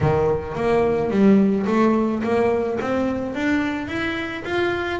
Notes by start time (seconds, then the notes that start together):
0.01 D#3
0.55 A#3
1.10 G3
1.66 A3
2.23 A#3
2.81 C4
3.35 D4
3.87 E4
4.44 F4